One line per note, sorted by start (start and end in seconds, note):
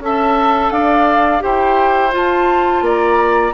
0.00 0.71 C#4
0.00 1.40 A4
0.00 0.74 E5
0.00 0.72 A5
0.71 1.41 D4
0.71 1.44 D5
0.71 1.42 F5
1.40 2.15 E4
1.40 2.11 G4
1.40 2.85 C5
1.40 2.14 G5
2.11 3.52 F4
2.11 2.82 F4
2.11 2.87 A5
2.82 3.52 A#3
2.82 3.54 D5
2.82 3.54 A#5